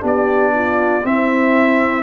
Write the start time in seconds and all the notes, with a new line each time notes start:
0.00 B3 D4 G4
0.07 D5
0.54 F4
1.04 C4 E4 E5